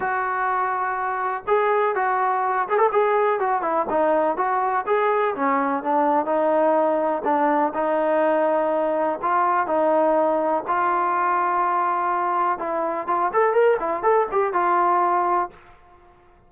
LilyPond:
\new Staff \with { instrumentName = "trombone" } { \time 4/4 \tempo 4 = 124 fis'2. gis'4 | fis'4. gis'16 a'16 gis'4 fis'8 e'8 | dis'4 fis'4 gis'4 cis'4 | d'4 dis'2 d'4 |
dis'2. f'4 | dis'2 f'2~ | f'2 e'4 f'8 a'8 | ais'8 e'8 a'8 g'8 f'2 | }